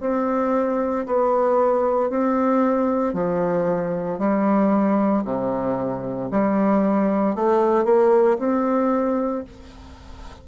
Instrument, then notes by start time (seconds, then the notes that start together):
bassoon
0.00 C4
1.06 B3
2.09 C4
3.13 F3
4.18 G3
5.24 C3
6.31 G3
7.35 A3
7.84 A#3
8.38 C4